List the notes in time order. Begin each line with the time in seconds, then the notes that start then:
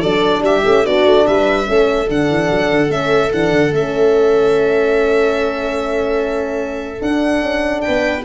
0.00 F#3 D4 A4 D5
0.41 G3 G4 E5
0.64 A3 C#4
0.84 B3 D4 F#4 D5
1.05 A3
1.26 G3 B4 E5
1.65 A3 C#4 A4
2.08 D3 D4 F#5
2.29 E3
2.50 F#3
2.70 D3
2.88 A3 C#4 E5
3.31 E3 D4 F#5
3.52 D3
3.71 A3 C#4 E5
6.99 D4 F#5
7.41 C#4
7.81 B4 G5
7.88 B3